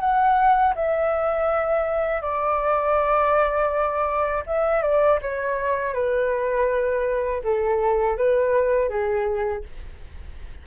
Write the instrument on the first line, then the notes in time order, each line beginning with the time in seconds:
flute
0.00 F#5
0.75 E5
2.21 D5
4.46 E5
4.82 D5
5.21 C#5
5.94 B4
7.43 A4
8.17 B4
8.89 G#4